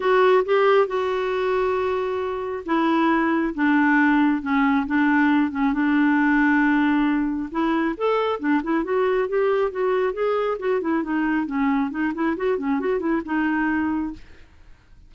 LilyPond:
\new Staff \with { instrumentName = "clarinet" } { \time 4/4 \tempo 4 = 136 fis'4 g'4 fis'2~ | fis'2 e'2 | d'2 cis'4 d'4~ | d'8 cis'8 d'2.~ |
d'4 e'4 a'4 d'8 e'8 | fis'4 g'4 fis'4 gis'4 | fis'8 e'8 dis'4 cis'4 dis'8 e'8 | fis'8 cis'8 fis'8 e'8 dis'2 | }